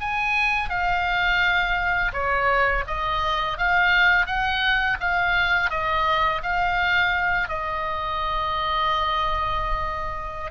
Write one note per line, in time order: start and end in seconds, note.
0.00 0.69 G#5
0.69 2.12 F5
2.13 2.84 C#5
2.87 3.58 D#5
3.58 4.26 F5
4.26 4.97 F#5
5.00 5.70 F5
5.70 6.42 D#5
6.43 7.49 F5
7.49 10.51 D#5